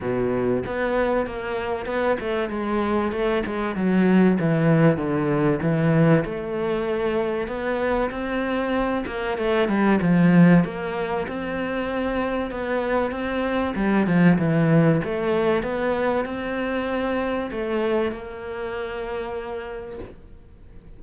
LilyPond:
\new Staff \with { instrumentName = "cello" } { \time 4/4 \tempo 4 = 96 b,4 b4 ais4 b8 a8 | gis4 a8 gis8 fis4 e4 | d4 e4 a2 | b4 c'4. ais8 a8 g8 |
f4 ais4 c'2 | b4 c'4 g8 f8 e4 | a4 b4 c'2 | a4 ais2. | }